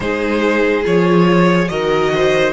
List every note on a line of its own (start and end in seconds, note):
0.00 0.85 G#3
0.00 0.83 D#4
0.00 1.70 G#4
0.00 0.83 C5
0.83 1.69 F3
0.83 1.67 F4
0.83 1.68 C#5
1.68 2.53 D#3
1.68 2.53 F#4
1.68 2.12 A#4
1.68 2.52 D#5
2.14 2.53 C5